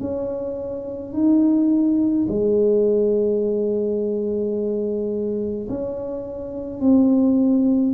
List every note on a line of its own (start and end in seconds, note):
0.00 1.13 C#4
1.13 2.26 D#4
2.28 5.68 G#3
5.69 6.80 C#4
6.80 7.93 C4